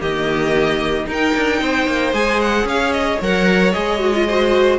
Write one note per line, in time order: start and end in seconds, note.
0.00 1.05 D#3
0.00 1.06 A#3
0.00 1.06 G4
0.00 1.08 D#5
1.05 1.32 D#4
1.05 2.13 D#4
1.05 1.60 A#4
1.12 2.13 G5
1.35 1.61 D4
1.60 1.86 C4
1.60 2.67 C5
1.86 2.12 A#3
2.12 2.64 G#3
2.12 3.19 G#4
2.12 2.40 G#5
2.41 2.67 F#5
2.64 3.17 C#4
2.64 4.26 C#5
2.64 2.92 F5
2.92 3.19 D#5
3.20 3.74 F#3
3.20 3.73 A#4
3.20 3.72 F#5
3.72 4.79 G#3
3.72 3.99 G#4
3.72 4.78 D#5
3.99 4.12 F#4
4.14 4.27 F4
4.26 4.79 F#4
4.26 4.79 C5